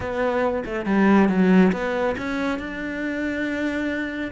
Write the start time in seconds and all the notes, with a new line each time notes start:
0.00 B3
0.65 A3
0.85 G3
1.28 F#3
1.72 B3
2.17 C#4
2.58 D4